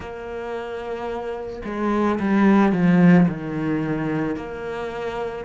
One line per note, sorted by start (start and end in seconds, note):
0.00 1.62 A#3
1.64 2.19 G#3
2.19 2.72 G3
2.72 3.26 F3
3.28 4.35 D#3
4.35 5.44 A#3